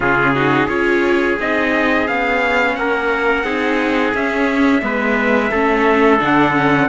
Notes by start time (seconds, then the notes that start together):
0.00 C#3 C#4 F4 G#4
0.34 D#4 F#4
0.66 C#4 F4 G#4 C#5
1.39 C4 D#4 D#5
2.07 B3 C#4 F5
2.75 A#3 A#4 F#5
3.43 C4 D#4 G#4
4.14 C#4 E5
4.81 G#3 B3 B4
5.50 A3 C#4 A4
6.19 D3 D4 F#5
6.52 C#4